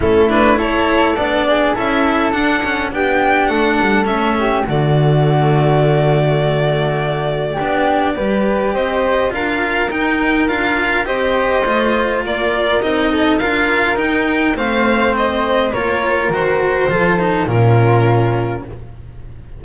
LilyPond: <<
  \new Staff \with { instrumentName = "violin" } { \time 4/4 \tempo 4 = 103 a'8 b'8 cis''4 d''4 e''4 | fis''4 g''4 fis''4 e''4 | d''1~ | d''2. dis''4 |
f''4 g''4 f''4 dis''4~ | dis''4 d''4 dis''4 f''4 | g''4 f''4 dis''4 cis''4 | c''2 ais'2 | }
  \new Staff \with { instrumentName = "flute" } { \time 4/4 e'4 a'4. gis'8 a'4~ | a'4 g'4 a'4. g'8 | fis'1~ | fis'4 g'4 b'4 c''4 |
ais'2. c''4~ | c''4 ais'4. a'8 ais'4~ | ais'4 c''2 ais'4~ | ais'4 a'4 f'2 | }
  \new Staff \with { instrumentName = "cello" } { \time 4/4 cis'8 d'8 e'4 d'4 e'4 | d'8 cis'8 d'2 cis'4 | a1~ | a4 d'4 g'2 |
f'4 dis'4 f'4 g'4 | f'2 dis'4 f'4 | dis'4 c'2 f'4 | fis'4 f'8 dis'8 cis'2 | }
  \new Staff \with { instrumentName = "double bass" } { \time 4/4 a2 b4 cis'4 | d'4 b4 a8 g8 a4 | d1~ | d4 b4 g4 c'4 |
d'4 dis'4 d'4 c'4 | a4 ais4 c'4 d'4 | dis'4 a2 ais4 | dis4 f4 ais,2 | }
>>